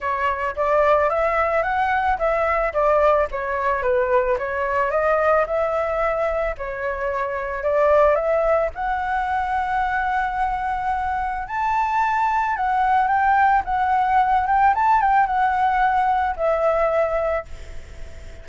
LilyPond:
\new Staff \with { instrumentName = "flute" } { \time 4/4 \tempo 4 = 110 cis''4 d''4 e''4 fis''4 | e''4 d''4 cis''4 b'4 | cis''4 dis''4 e''2 | cis''2 d''4 e''4 |
fis''1~ | fis''4 a''2 fis''4 | g''4 fis''4. g''8 a''8 g''8 | fis''2 e''2 | }